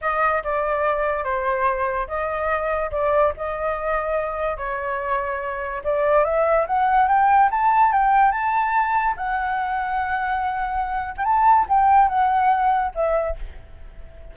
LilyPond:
\new Staff \with { instrumentName = "flute" } { \time 4/4 \tempo 4 = 144 dis''4 d''2 c''4~ | c''4 dis''2 d''4 | dis''2. cis''4~ | cis''2 d''4 e''4 |
fis''4 g''4 a''4 g''4 | a''2 fis''2~ | fis''2~ fis''8. g''16 a''4 | g''4 fis''2 e''4 | }